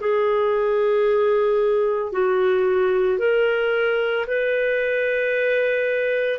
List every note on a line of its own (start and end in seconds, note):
0.00 2.12 G#4
2.12 3.18 F#4
3.18 4.25 A#4
4.27 6.38 B4